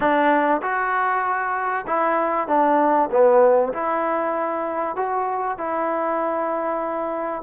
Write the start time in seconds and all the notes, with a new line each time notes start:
0.00 D4
0.62 F#4
1.86 E4
2.47 D4
3.11 B3
3.73 E4
4.96 F#4
5.58 E4